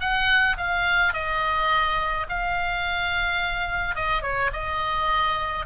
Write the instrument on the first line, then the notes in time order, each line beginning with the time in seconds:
oboe
0.00 F#5
0.57 F5
1.13 D#5
2.29 F5
3.95 D#5
4.22 C#5
4.53 D#5